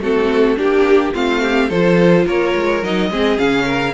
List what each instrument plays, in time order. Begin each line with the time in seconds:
0.00 cello A3, viola C4, violin F#4 A4
0.57 cello A#3, viola D4, violin G4
1.14 cello A3, viola C4, violin F4 F5
1.41 violin G4
1.69 cello F3, viola F4, violin A4 C5
2.26 cello A#3, violin A#4 C#5
2.55 cello G#3
2.83 cello F#3, viola D#4, violin D#5
3.10 cello G#3, viola C4, violin G#4
3.37 cello C#3, viola C#4, violin F5
3.65 violin A#4